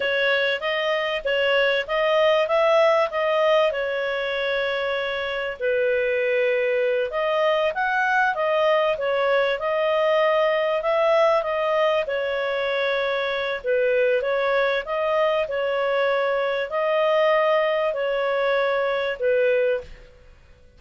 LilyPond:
\new Staff \with { instrumentName = "clarinet" } { \time 4/4 \tempo 4 = 97 cis''4 dis''4 cis''4 dis''4 | e''4 dis''4 cis''2~ | cis''4 b'2~ b'8 dis''8~ | dis''8 fis''4 dis''4 cis''4 dis''8~ |
dis''4. e''4 dis''4 cis''8~ | cis''2 b'4 cis''4 | dis''4 cis''2 dis''4~ | dis''4 cis''2 b'4 | }